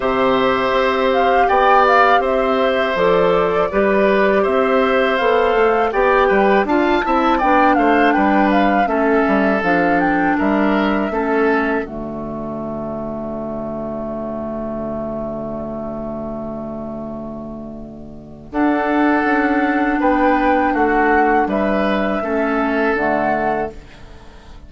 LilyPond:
<<
  \new Staff \with { instrumentName = "flute" } { \time 4/4 \tempo 4 = 81 e''4. f''8 g''8 f''8 e''4 | d''2 e''4 f''4 | g''4 a''4 g''8 f''8 g''8 f''8 | e''4 f''8 g''8 e''2 |
d''1~ | d''1~ | d''4 fis''2 g''4 | fis''4 e''2 fis''4 | }
  \new Staff \with { instrumentName = "oboe" } { \time 4/4 c''2 d''4 c''4~ | c''4 b'4 c''2 | d''8 b'8 f''8 e''8 d''8 c''8 b'4 | a'2 ais'4 a'4 |
fis'1~ | fis'1~ | fis'4 a'2 b'4 | fis'4 b'4 a'2 | }
  \new Staff \with { instrumentName = "clarinet" } { \time 4/4 g'1 | a'4 g'2 a'4 | g'4 f'8 e'8 d'2 | cis'4 d'2 cis'4 |
a1~ | a1~ | a4 d'2.~ | d'2 cis'4 a4 | }
  \new Staff \with { instrumentName = "bassoon" } { \time 4/4 c4 c'4 b4 c'4 | f4 g4 c'4 b8 a8 | b8 g8 d'8 c'8 b8 a8 g4 | a8 g8 f4 g4 a4 |
d1~ | d1~ | d4 d'4 cis'4 b4 | a4 g4 a4 d4 | }
>>